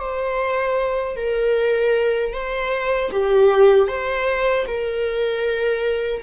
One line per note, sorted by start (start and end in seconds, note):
0.00 1.16 C5
1.16 2.33 A#4
2.33 3.11 C5
3.11 3.88 G4
3.88 4.66 C5
4.67 6.23 A#4